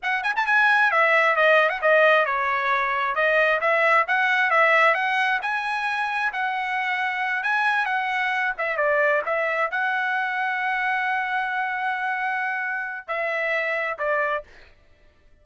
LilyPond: \new Staff \with { instrumentName = "trumpet" } { \time 4/4 \tempo 4 = 133 fis''8 gis''16 a''16 gis''4 e''4 dis''8. fis''16 | dis''4 cis''2 dis''4 | e''4 fis''4 e''4 fis''4 | gis''2 fis''2~ |
fis''8 gis''4 fis''4. e''8 d''8~ | d''8 e''4 fis''2~ fis''8~ | fis''1~ | fis''4 e''2 d''4 | }